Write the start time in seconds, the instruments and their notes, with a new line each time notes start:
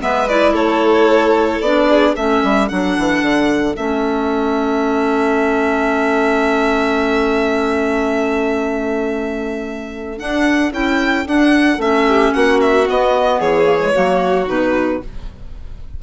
0.00 bassoon G#3, clarinet B3, violin B4 E5
0.28 clarinet E4, violin D5
0.53 bassoon A3, violin A4 C#5
1.61 bassoon B3, clarinet D4, violin D5
1.89 violin G#4
2.15 bassoon A3, clarinet C#4, violin A4 E5
2.44 bassoon G3
2.69 bassoon F#3, clarinet D4, violin F#5
2.98 bassoon E3
3.21 bassoon D3
3.76 bassoon A3, clarinet C#4, violin E5
10.18 clarinet D4, bassoon D4, violin F#5
10.72 bassoon C#4, clarinet E4, violin G5
11.26 clarinet D4, bassoon D4, violin F#5
11.78 bassoon A3, clarinet C#4, violin E5
12.08 violin G4
12.34 bassoon A#3, violin F#4 F#5
12.61 violin E5
12.85 clarinet B3, bassoon B3, violin D#5
13.39 bassoon E3, violin G#4 C#5
13.64 clarinet A#3
13.80 clarinet G#3
13.94 bassoon F#3, clarinet A#3, violin F#4
14.46 bassoon B2, clarinet D#4, violin B4